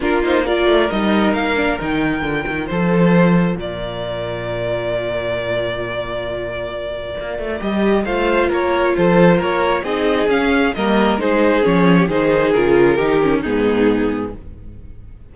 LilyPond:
<<
  \new Staff \with { instrumentName = "violin" } { \time 4/4 \tempo 4 = 134 ais'8 c''8 d''4 dis''4 f''4 | g''2 c''2 | d''1~ | d''1~ |
d''4 dis''4 f''4 cis''4 | c''4 cis''4 dis''4 f''4 | dis''4 c''4 cis''4 c''4 | ais'2 gis'2 | }
  \new Staff \with { instrumentName = "violin" } { \time 4/4 f'4 ais'2.~ | ais'2 a'2 | ais'1~ | ais'1~ |
ais'2 c''4 ais'4 | a'4 ais'4 gis'2 | ais'4 gis'4.~ gis'16 g'16 gis'4~ | gis'4 g'4 dis'2 | }
  \new Staff \with { instrumentName = "viola" } { \time 4/4 d'8 dis'8 f'4 dis'4. d'8 | dis'4 f'2.~ | f'1~ | f'1~ |
f'4 g'4 f'2~ | f'2 dis'4 cis'4 | ais4 dis'4 cis'4 dis'4 | f'4 dis'8 cis'8 b2 | }
  \new Staff \with { instrumentName = "cello" } { \time 4/4 ais4. a8 g4 ais4 | dis4 d8 dis8 f2 | ais,1~ | ais,1 |
ais8 a8 g4 a4 ais4 | f4 ais4 c'4 cis'4 | g4 gis4 f4 dis4 | cis4 dis4 gis,2 | }
>>